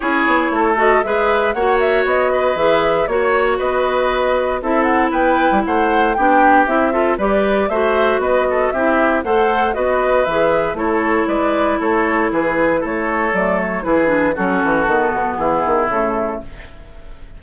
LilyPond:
<<
  \new Staff \with { instrumentName = "flute" } { \time 4/4 \tempo 4 = 117 cis''4. dis''8 e''4 fis''8 e''8 | dis''4 e''4 cis''4 dis''4~ | dis''4 e''8 fis''8 g''4 fis''4 | g''4 e''4 d''4 e''4 |
dis''4 e''4 fis''4 dis''4 | e''4 cis''4 d''4 cis''4 | b'4 cis''4 d''8 cis''8 b'4 | a'2 gis'4 a'4 | }
  \new Staff \with { instrumentName = "oboe" } { \time 4/4 gis'4 a'4 b'4 cis''4~ | cis''8 b'4. cis''4 b'4~ | b'4 a'4 b'4 c''4 | g'4. a'8 b'4 c''4 |
b'8 a'8 g'4 c''4 b'4~ | b'4 a'4 b'4 a'4 | gis'4 a'2 gis'4 | fis'2 e'2 | }
  \new Staff \with { instrumentName = "clarinet" } { \time 4/4 e'4. fis'8 gis'4 fis'4~ | fis'4 gis'4 fis'2~ | fis'4 e'2. | d'4 e'8 f'8 g'4 fis'4~ |
fis'4 e'4 a'4 fis'4 | gis'4 e'2.~ | e'2 a4 e'8 d'8 | cis'4 b2 a4 | }
  \new Staff \with { instrumentName = "bassoon" } { \time 4/4 cis'8 b8 a4 gis4 ais4 | b4 e4 ais4 b4~ | b4 c'4 b8. g16 a4 | b4 c'4 g4 a4 |
b4 c'4 a4 b4 | e4 a4 gis4 a4 | e4 a4 fis4 e4 | fis8 e8 dis8 b,8 e8 dis8 cis4 | }
>>